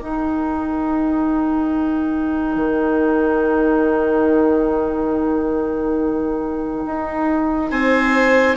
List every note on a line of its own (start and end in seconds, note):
0.00 8.57 D#4
0.00 2.56 D#4
0.00 7.71 A#4
0.00 7.71 G5
2.56 6.84 D#3
6.86 7.71 D#4
7.71 8.57 C4
7.71 8.57 C5
7.71 8.56 G#5